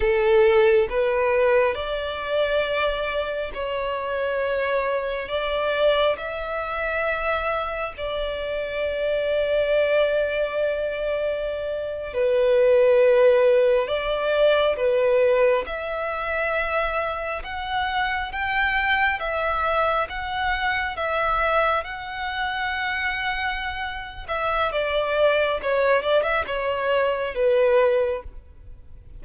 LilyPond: \new Staff \with { instrumentName = "violin" } { \time 4/4 \tempo 4 = 68 a'4 b'4 d''2 | cis''2 d''4 e''4~ | e''4 d''2.~ | d''4.~ d''16 b'2 d''16~ |
d''8. b'4 e''2 fis''16~ | fis''8. g''4 e''4 fis''4 e''16~ | e''8. fis''2~ fis''8. e''8 | d''4 cis''8 d''16 e''16 cis''4 b'4 | }